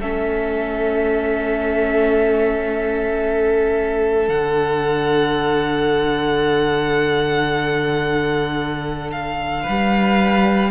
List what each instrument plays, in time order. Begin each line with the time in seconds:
0.00 cello A3, viola C#4, violin A4 E5
4.28 cello D3, viola D4, violin F#5
9.12 violin F5
9.62 cello G3, violin B4